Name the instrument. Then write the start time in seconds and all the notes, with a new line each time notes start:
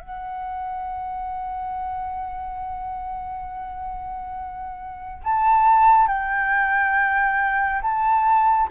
flute
0.00 F#5
5.24 A5
6.08 G5
7.82 A5